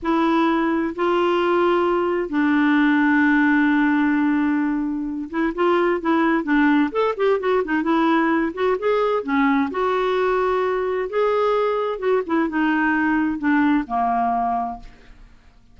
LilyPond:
\new Staff \with { instrumentName = "clarinet" } { \time 4/4 \tempo 4 = 130 e'2 f'2~ | f'4 d'2.~ | d'2.~ d'8 e'8 | f'4 e'4 d'4 a'8 g'8 |
fis'8 dis'8 e'4. fis'8 gis'4 | cis'4 fis'2. | gis'2 fis'8 e'8 dis'4~ | dis'4 d'4 ais2 | }